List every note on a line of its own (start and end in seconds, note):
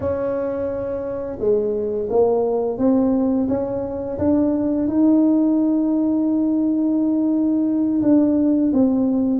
0.00 1.38 C#4
1.39 2.09 G#3
2.09 2.77 A#3
2.77 3.47 C4
3.48 4.18 C#4
4.18 4.87 D4
4.87 8.01 D#4
8.02 8.71 D4
8.72 9.40 C4